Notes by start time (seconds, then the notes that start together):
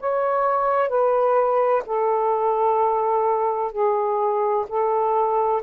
0.00 C#5
0.89 B4
1.86 A4
3.72 G#4
4.68 A4